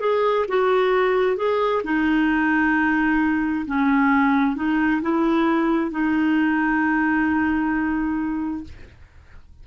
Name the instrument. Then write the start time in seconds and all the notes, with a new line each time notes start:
clarinet
0.00 G#4
0.48 F#4
1.36 G#4
1.83 D#4
3.66 C#4
4.55 D#4
5.01 E4
5.90 D#4